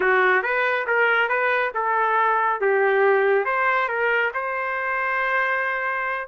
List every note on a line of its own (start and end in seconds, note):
0.00 0.42 F#4
0.42 0.86 B4
0.86 1.28 A#4
1.28 1.71 B4
1.74 2.60 A4
2.60 3.45 G4
3.45 3.88 C5
3.88 4.31 A#4
4.34 6.27 C5